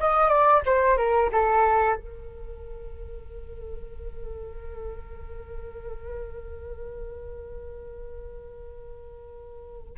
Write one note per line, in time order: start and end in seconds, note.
0.00 0.29 D#5
0.29 0.62 D5
0.66 0.98 C5
0.98 1.31 A#4
1.33 1.96 A4
1.96 9.96 A#4